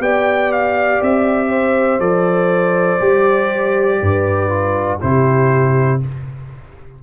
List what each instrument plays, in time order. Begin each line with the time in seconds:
0.00 tuba B3, trombone G4, horn D5, trumpet G5
0.52 trumpet F5
1.02 tuba C4, trumpet E5
1.49 horn C5
1.99 tuba F3, trombone A4, trumpet D5
3.00 tuba G3, trombone G4
4.01 tuba G2, horn B4
4.49 trombone F4
5.00 tuba C3, trombone E4, horn G4, trumpet C5